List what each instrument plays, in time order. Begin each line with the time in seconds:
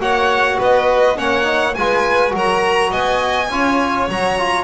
0.00 double bass A#3, trombone F#4, violin C#5 F#5
0.59 double bass B3, violin B4 D#5
1.16 double bass A#3, trombone C#4, violin C#5 F#5
1.44 trombone D#4
1.75 double bass G#3, trombone F4, violin B4 G#5
2.30 double bass F#3, trombone F#4, violin A#4
2.38 violin A#5
2.91 double bass B3, violin D#5 G#5
3.50 double bass C#4, trombone F4, violin C#5
4.08 double bass F#3, trombone F#4, violin A#5
4.38 trombone F4